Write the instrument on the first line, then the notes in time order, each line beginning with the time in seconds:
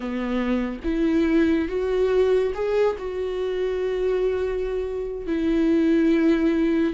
viola
0.00 B3
0.84 E4
1.68 F#4
2.54 G#4
2.98 F#4
5.27 E4